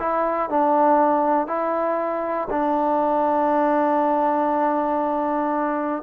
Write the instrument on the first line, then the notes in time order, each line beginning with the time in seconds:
trombone
0.00 E4
0.50 D4
1.48 E4
2.51 D4